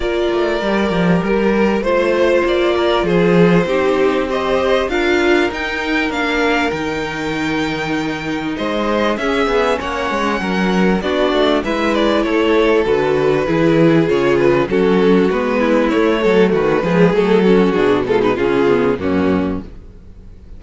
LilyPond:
<<
  \new Staff \with { instrumentName = "violin" } { \time 4/4 \tempo 4 = 98 d''2 ais'4 c''4 | d''4 c''2 dis''4 | f''4 g''4 f''4 g''4~ | g''2 dis''4 e''4 |
fis''2 d''4 e''8 d''8 | cis''4 b'2 cis''8 b'8 | a'4 b'4 cis''4 b'4 | a'4 gis'8 a'16 b'16 gis'4 fis'4 | }
  \new Staff \with { instrumentName = "violin" } { \time 4/4 ais'2. c''4~ | c''8 ais'8 gis'4 g'4 c''4 | ais'1~ | ais'2 c''4 gis'4 |
cis''4 ais'4 fis'4 b'4 | a'2 gis'2 | fis'4. e'4 a'8 fis'8 gis'8~ | gis'8 fis'4 f'16 dis'16 f'4 cis'4 | }
  \new Staff \with { instrumentName = "viola" } { \time 4/4 f'4 g'2 f'4~ | f'2 dis'4 g'4 | f'4 dis'4 d'4 dis'4~ | dis'2. cis'4~ |
cis'2 d'4 e'4~ | e'4 fis'4 e'4 f'4 | cis'4 b4 a4. gis8 | a8 cis'8 d'8 gis8 cis'8 b8 ais4 | }
  \new Staff \with { instrumentName = "cello" } { \time 4/4 ais8 a8 g8 f8 g4 a4 | ais4 f4 c'2 | d'4 dis'4 ais4 dis4~ | dis2 gis4 cis'8 b8 |
ais8 gis8 fis4 b8 a8 gis4 | a4 d4 e4 cis4 | fis4 gis4 a8 fis8 dis8 f8 | fis4 b,4 cis4 fis,4 | }
>>